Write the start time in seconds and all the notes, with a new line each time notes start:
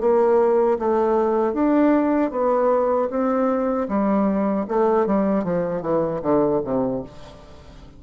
0.00 A#3
0.78 A3
1.53 D4
2.30 B3
3.10 C4
3.88 G3
4.68 A3
5.06 G3
5.44 F3
5.81 E3
6.22 D3
6.64 C3